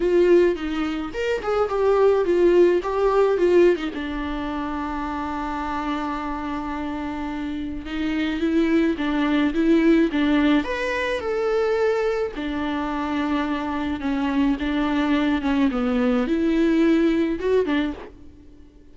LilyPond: \new Staff \with { instrumentName = "viola" } { \time 4/4 \tempo 4 = 107 f'4 dis'4 ais'8 gis'8 g'4 | f'4 g'4 f'8. dis'16 d'4~ | d'1~ | d'2 dis'4 e'4 |
d'4 e'4 d'4 b'4 | a'2 d'2~ | d'4 cis'4 d'4. cis'8 | b4 e'2 fis'8 d'8 | }